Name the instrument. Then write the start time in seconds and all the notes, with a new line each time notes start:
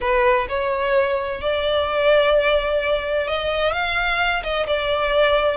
violin
0.00 B4
0.48 C#5
1.41 D5
3.27 D#5
3.73 F5
4.43 D#5
4.66 D5